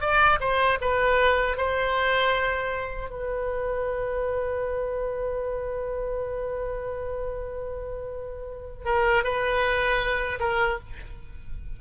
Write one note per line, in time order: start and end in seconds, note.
0.00 0.38 D5
0.40 0.78 C5
0.81 1.57 B4
1.57 3.09 C5
3.09 8.85 B4
8.85 9.23 A#4
9.23 10.39 B4
10.40 10.78 A#4